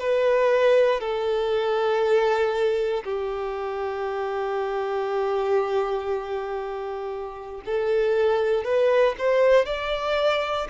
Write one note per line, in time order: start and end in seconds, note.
0.00 1.00 B4
1.00 3.04 A4
3.04 7.62 G4
7.65 8.65 A4
8.65 9.16 B4
9.18 9.66 C5
9.66 10.68 D5